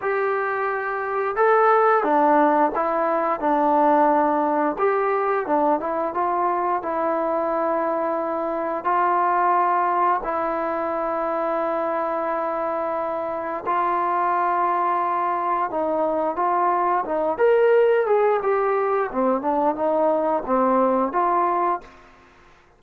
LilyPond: \new Staff \with { instrumentName = "trombone" } { \time 4/4 \tempo 4 = 88 g'2 a'4 d'4 | e'4 d'2 g'4 | d'8 e'8 f'4 e'2~ | e'4 f'2 e'4~ |
e'1 | f'2. dis'4 | f'4 dis'8 ais'4 gis'8 g'4 | c'8 d'8 dis'4 c'4 f'4 | }